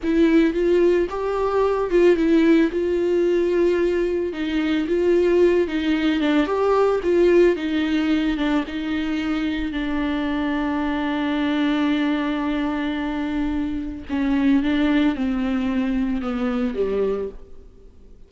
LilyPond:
\new Staff \with { instrumentName = "viola" } { \time 4/4 \tempo 4 = 111 e'4 f'4 g'4. f'8 | e'4 f'2. | dis'4 f'4. dis'4 d'8 | g'4 f'4 dis'4. d'8 |
dis'2 d'2~ | d'1~ | d'2 cis'4 d'4 | c'2 b4 g4 | }